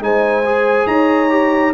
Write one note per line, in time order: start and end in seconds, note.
0.00 0.86 G#3
0.00 0.44 D#4
0.00 0.89 C5
0.00 0.87 G#5
0.45 1.30 G#4
0.87 1.72 D#4
0.87 1.74 C#5
0.87 1.73 A#5
1.30 1.73 G4